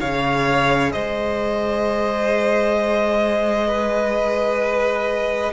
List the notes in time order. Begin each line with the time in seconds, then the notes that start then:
0.00 C#3 G#4 C#5 F5
0.92 G#3 C5 D#5
3.68 B4